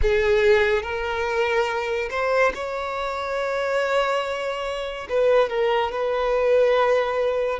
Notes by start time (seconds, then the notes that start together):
0.02 G#4
0.82 A#4
2.10 C5
2.54 C#5
5.09 B4
5.49 A#4
5.92 B4